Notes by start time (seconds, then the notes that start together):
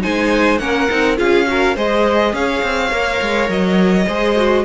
0.00 G#3 D#4 C5 G#5
0.58 A#3 C#4 A#4 F#5
0.89 C4 D#4
1.16 C#4 F4 G#4 F5
1.46 F#4 A#4
1.75 G#3 G#4 C5 D#5
2.32 C#4 C#5 F5
2.62 C4
2.90 A#3 A#4
3.21 G#3
3.49 F#3 D#5
4.06 G#3 G#4 C5
4.36 F#4